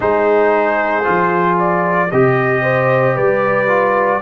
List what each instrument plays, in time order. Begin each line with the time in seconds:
0.00 tuba G#3, trombone D#4, horn G#4, trumpet C5
1.03 tuba F3, trombone F4
1.59 trumpet D5
2.10 tuba C3, horn G4, trombone G4, trumpet D#5
2.62 horn C5
3.15 tuba G3, horn B4, trumpet D5
3.68 trombone F4